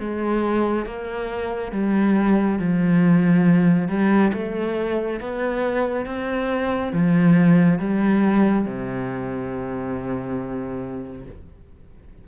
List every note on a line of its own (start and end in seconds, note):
0.00 0.86 G#3
0.86 1.72 A#3
1.72 2.59 G3
2.59 3.88 F3
3.88 4.32 G3
4.33 5.20 A3
5.20 6.06 B3
6.06 6.92 C4
6.92 7.79 F3
7.79 8.65 G3
8.65 11.26 C3